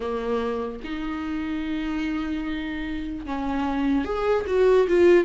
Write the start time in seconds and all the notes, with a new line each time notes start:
0.00 A#3
0.84 D#4
3.25 C#4
4.04 G#4
4.46 F#4
4.88 F4